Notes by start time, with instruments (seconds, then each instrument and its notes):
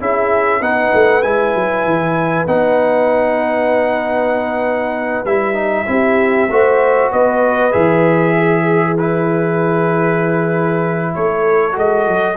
0.00 tuba C#4, trombone E4, horn G#4, trumpet E5
0.61 tuba B3, trombone D#4, horn B4, trumpet F#5
0.94 tuba A3
1.23 tuba G#3, trombone E4, trumpet G#5
1.55 tuba F#3
1.85 tuba E3
2.47 tuba B3, trombone D#4, trumpet F#5
5.25 tuba G3, trombone E4, trumpet E5
5.55 trombone D#4
5.87 tuba C4, trombone E4, horn G4
6.50 tuba A3, trombone F#4, horn C5
7.11 tuba B3, horn B4, trumpet D#5
7.72 tuba E3, trombone G#4, trumpet E5
8.37 horn G#4
8.98 trombone E4, trumpet B4
11.15 tuba A3, horn A4, trumpet C#5
11.72 tuba G#3, trombone F#4, trumpet D#5
12.08 tuba F#3